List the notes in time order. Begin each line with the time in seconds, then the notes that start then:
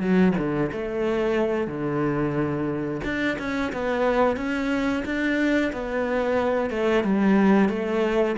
0.00 F#3
0.38 D3
0.72 A3
1.67 D3
3.04 D4
3.39 C#4
3.72 B3
4.36 C#4
5.05 D4
5.72 B3
6.70 A3
7.04 G3
7.69 A3